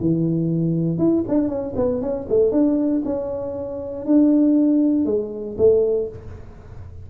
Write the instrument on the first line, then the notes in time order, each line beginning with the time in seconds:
tuba
0.00 E3
0.98 E4
1.28 D4
1.48 C#4
1.76 B3
2.01 C#4
2.29 A3
2.51 D4
3.05 C#4
4.06 D4
5.05 G#3
5.58 A3